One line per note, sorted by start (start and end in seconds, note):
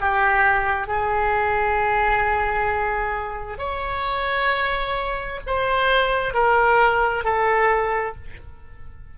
0.00 0.87 G4
0.87 3.58 G#4
3.58 5.40 C#5
5.46 6.33 C5
6.33 7.24 A#4
7.24 8.15 A4